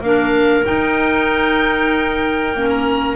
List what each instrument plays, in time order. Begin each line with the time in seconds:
0.00 double bass A#3, clarinet D4 A#4, oboe F5
0.64 clarinet D#4, double bass D#4, oboe G5
2.54 double bass A#3, clarinet C#4
2.69 oboe A#5